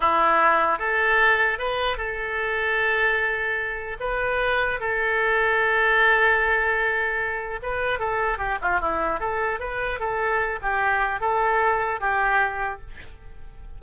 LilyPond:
\new Staff \with { instrumentName = "oboe" } { \time 4/4 \tempo 4 = 150 e'2 a'2 | b'4 a'2.~ | a'2 b'2 | a'1~ |
a'2. b'4 | a'4 g'8 f'8 e'4 a'4 | b'4 a'4. g'4. | a'2 g'2 | }